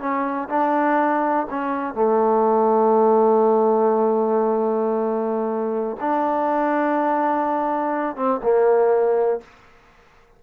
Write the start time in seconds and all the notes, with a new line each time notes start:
0.00 C#4
0.49 D4
1.50 C#4
1.95 A3
6.01 D4
8.16 C4
8.43 A#3